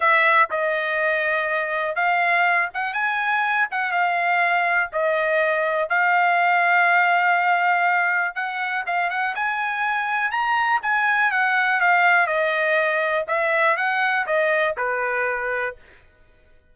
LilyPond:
\new Staff \with { instrumentName = "trumpet" } { \time 4/4 \tempo 4 = 122 e''4 dis''2. | f''4. fis''8 gis''4. fis''8 | f''2 dis''2 | f''1~ |
f''4 fis''4 f''8 fis''8 gis''4~ | gis''4 ais''4 gis''4 fis''4 | f''4 dis''2 e''4 | fis''4 dis''4 b'2 | }